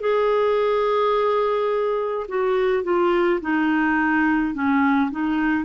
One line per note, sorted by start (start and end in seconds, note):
0.00 2.26 G#4
2.28 2.83 F#4
2.83 3.40 F4
3.41 4.54 D#4
4.54 5.10 C#4
5.11 5.64 D#4